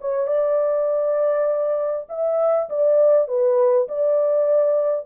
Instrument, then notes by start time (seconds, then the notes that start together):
horn
0.00 C#5
0.27 D5
2.09 E5
2.69 D5
3.27 B4
3.88 D5